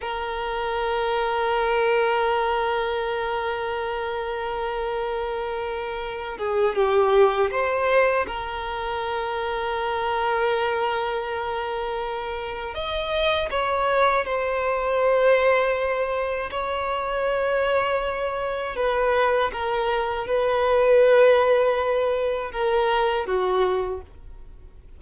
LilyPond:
\new Staff \with { instrumentName = "violin" } { \time 4/4 \tempo 4 = 80 ais'1~ | ais'1~ | ais'8 gis'8 g'4 c''4 ais'4~ | ais'1~ |
ais'4 dis''4 cis''4 c''4~ | c''2 cis''2~ | cis''4 b'4 ais'4 b'4~ | b'2 ais'4 fis'4 | }